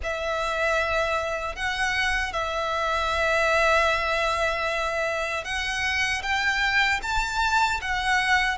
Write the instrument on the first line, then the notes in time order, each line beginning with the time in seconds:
violin
0.03 E5
1.55 F#5
2.32 E5
5.44 F#5
6.22 G5
7.02 A5
7.81 F#5